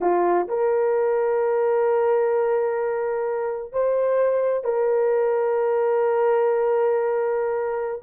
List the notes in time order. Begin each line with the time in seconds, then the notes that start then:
0.01 F4
0.48 A#4
3.72 C5
4.64 A#4